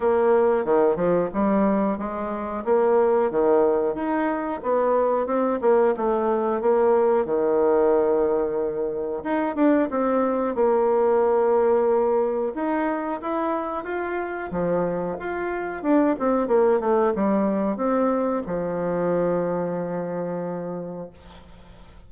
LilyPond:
\new Staff \with { instrumentName = "bassoon" } { \time 4/4 \tempo 4 = 91 ais4 dis8 f8 g4 gis4 | ais4 dis4 dis'4 b4 | c'8 ais8 a4 ais4 dis4~ | dis2 dis'8 d'8 c'4 |
ais2. dis'4 | e'4 f'4 f4 f'4 | d'8 c'8 ais8 a8 g4 c'4 | f1 | }